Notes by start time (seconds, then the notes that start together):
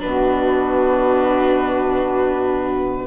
0.00 B2 D4 F#4 B4